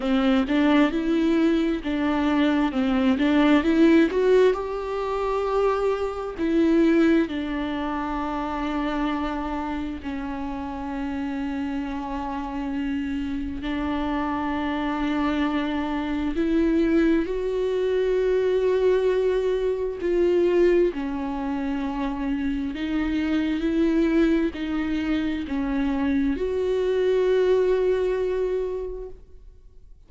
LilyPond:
\new Staff \with { instrumentName = "viola" } { \time 4/4 \tempo 4 = 66 c'8 d'8 e'4 d'4 c'8 d'8 | e'8 fis'8 g'2 e'4 | d'2. cis'4~ | cis'2. d'4~ |
d'2 e'4 fis'4~ | fis'2 f'4 cis'4~ | cis'4 dis'4 e'4 dis'4 | cis'4 fis'2. | }